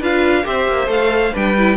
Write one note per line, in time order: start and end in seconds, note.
0.00 0.45 D4
0.00 0.45 F4
0.00 0.44 B4
0.00 0.46 F5
0.45 0.68 C4
0.45 0.87 G4
0.45 1.34 C5
0.45 0.91 E5
0.68 0.87 A#3
0.87 1.31 A3
0.87 1.32 A4
0.87 1.35 F5
1.34 1.77 G3
1.34 1.56 D4
1.34 1.77 B4
1.34 1.77 G5
1.58 1.77 E4